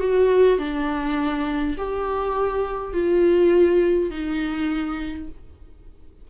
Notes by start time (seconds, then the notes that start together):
0.00 F#4
0.58 D4
1.77 G4
2.93 F4
4.10 D#4